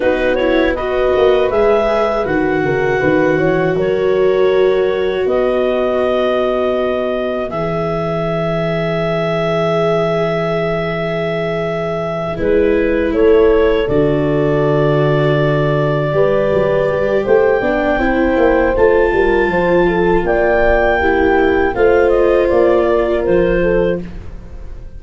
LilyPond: <<
  \new Staff \with { instrumentName = "clarinet" } { \time 4/4 \tempo 4 = 80 b'8 cis''8 dis''4 e''4 fis''4~ | fis''4 cis''2 dis''4~ | dis''2 e''2~ | e''1~ |
e''8 b'4 cis''4 d''4.~ | d''2. g''4~ | g''4 a''2 g''4~ | g''4 f''8 dis''8 d''4 c''4 | }
  \new Staff \with { instrumentName = "horn" } { \time 4/4 fis'4 b'2~ b'8 ais'8 | b'8 cis''8 ais'2 b'4~ | b'1~ | b'1~ |
b'4. a'2~ a'8~ | a'4. b'4. c''8 d''8 | c''4. ais'8 c''8 a'8 d''4 | g'4 c''4. ais'4 a'8 | }
  \new Staff \with { instrumentName = "viola" } { \time 4/4 dis'8 e'8 fis'4 gis'4 fis'4~ | fis'1~ | fis'2 gis'2~ | gis'1~ |
gis'8 e'2 fis'4.~ | fis'4. g'2 d'8 | e'4 f'2. | e'4 f'2. | }
  \new Staff \with { instrumentName = "tuba" } { \time 4/4 b4. ais8 gis4 dis8 cis8 | dis8 e8 fis2 b4~ | b2 e2~ | e1~ |
e8 gis4 a4 d4.~ | d4. g8 fis8 g8 a8 b8 | c'8 ais8 a8 g8 f4 ais4~ | ais4 a4 ais4 f4 | }
>>